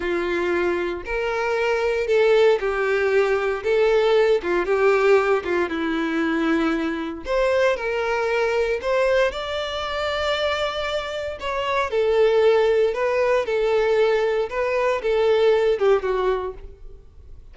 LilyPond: \new Staff \with { instrumentName = "violin" } { \time 4/4 \tempo 4 = 116 f'2 ais'2 | a'4 g'2 a'4~ | a'8 f'8 g'4. f'8 e'4~ | e'2 c''4 ais'4~ |
ais'4 c''4 d''2~ | d''2 cis''4 a'4~ | a'4 b'4 a'2 | b'4 a'4. g'8 fis'4 | }